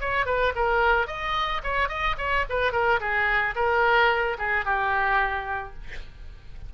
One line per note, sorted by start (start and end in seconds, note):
0.00 0.26 C#5
0.26 0.53 B4
0.56 1.07 A#4
1.07 1.61 D#5
1.63 1.88 C#5
1.88 2.16 D#5
2.18 2.45 C#5
2.49 2.72 B4
2.72 3.00 A#4
3.00 3.55 G#4
3.55 4.37 A#4
4.38 4.65 G#4
4.65 5.74 G4